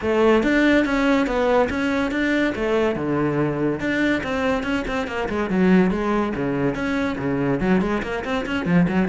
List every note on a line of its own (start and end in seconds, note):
0.01 0.43 A3
0.43 0.85 D4
0.85 1.26 C#4
1.26 1.68 B3
1.69 2.11 C#4
2.11 2.53 D4
2.55 2.95 A3
2.95 3.79 D3
3.79 4.22 D4
4.23 4.63 C4
4.63 4.84 C#4
4.87 5.07 C4
5.07 5.28 A#3
5.28 5.49 G#3
5.50 5.90 F#3
5.90 6.33 G#3
6.35 6.74 C#3
6.74 7.17 C#4
7.18 7.60 C#3
7.60 7.81 F#3
7.81 8.02 G#3
8.02 8.24 A#3
8.24 8.45 C4
8.46 8.65 C#4
8.65 8.86 F3
8.88 9.08 F#3